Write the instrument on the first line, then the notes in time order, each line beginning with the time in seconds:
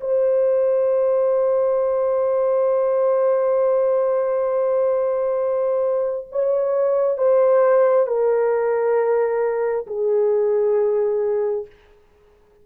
horn
0.00 C5
6.31 C#5
7.18 C5
8.07 A#4
9.87 G#4